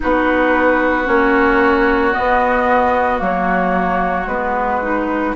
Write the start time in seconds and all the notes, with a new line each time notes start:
0.00 B3 D#4 F#4 B4
1.05 A#3 C#4 C#5
2.12 B3 D#5
3.18 F#3 A#3
3.25 C#5
4.26 G#3 B3 B4
4.82 D#4